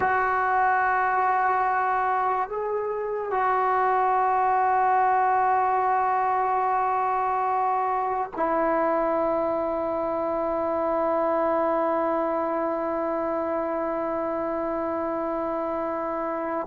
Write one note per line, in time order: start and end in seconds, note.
0.00 2.48 F#4
2.48 3.30 G#4
3.30 8.30 F#4
8.36 16.67 E4